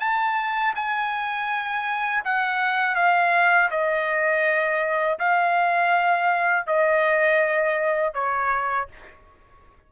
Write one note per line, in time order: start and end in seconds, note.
0.00 0.74 A5
0.76 2.24 G#5
2.25 2.96 F#5
2.96 3.70 F5
3.71 5.19 D#5
5.20 6.67 F5
6.67 8.14 D#5
8.14 8.89 C#5